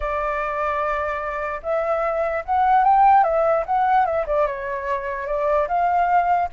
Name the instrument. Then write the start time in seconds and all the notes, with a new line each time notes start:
flute
0.00 D5
1.63 E5
2.45 F#5
2.83 G5
3.23 E5
3.65 F#5
4.05 E5
4.26 D5
4.46 C#5
5.26 D5
5.68 F5